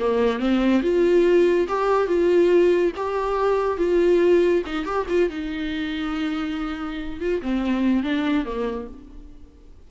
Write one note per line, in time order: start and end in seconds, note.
0.00 0.39 A#3
0.39 0.82 C4
0.83 1.68 F4
1.68 2.08 G4
2.08 2.93 F4
2.97 3.78 G4
3.78 4.63 F4
4.66 4.86 D#4
4.86 5.07 G4
5.09 5.30 F4
5.30 7.21 D#4
7.21 7.42 F4
7.42 8.04 C4
8.04 8.46 D4
8.46 8.88 A#3